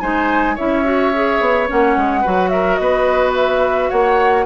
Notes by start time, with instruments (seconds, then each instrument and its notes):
0.00 bassoon G#3, clarinet D#4, oboe C5, flute G#5
0.55 bassoon C#4, clarinet E4, oboe C#5, flute E5
0.84 clarinet F#4
1.14 clarinet G#4
1.40 bassoon B3
1.67 bassoon A#3, clarinet C#4, flute F#5
1.96 bassoon G#3
2.21 bassoon F#3, clarinet F#4, oboe B4
2.49 oboe A#4, flute E5
2.75 bassoon B3, oboe B4, flute D#5
3.35 flute E5
3.89 bassoon A#3, oboe C#5, flute F#5